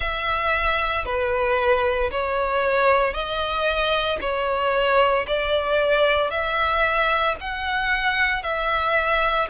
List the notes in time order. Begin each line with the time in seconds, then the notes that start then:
0.00 E5
1.05 B4
2.11 C#5
3.13 D#5
4.21 C#5
5.27 D5
6.30 E5
7.40 F#5
8.42 E5